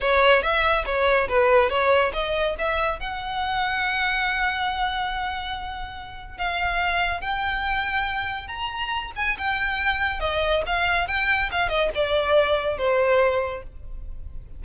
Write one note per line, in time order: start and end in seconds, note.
0.00 0.42 C#5
0.42 0.85 E5
0.85 1.28 C#5
1.28 1.69 B4
1.69 2.12 C#5
2.13 2.55 D#5
2.58 2.99 E5
2.99 6.37 F#5
6.37 7.20 F5
7.20 8.47 G5
8.47 9.11 A#5
9.15 9.37 G#5
9.37 10.20 G5
10.20 10.62 D#5
10.66 11.07 F5
11.07 11.50 G5
11.51 11.68 F5
11.68 11.90 D#5
11.95 12.77 D5
12.77 13.62 C5